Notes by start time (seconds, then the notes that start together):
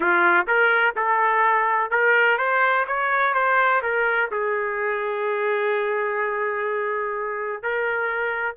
0.00 F4
0.47 A#4
0.95 A4
1.90 A#4
2.38 C5
2.87 C#5
3.34 C5
3.82 A#4
4.31 G#4
7.62 A#4